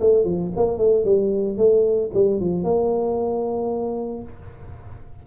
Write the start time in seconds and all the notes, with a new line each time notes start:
0.00 A3
0.25 F3
0.56 A#3
0.78 A3
1.05 G3
1.57 A3
2.14 G3
2.40 F3
2.64 A#3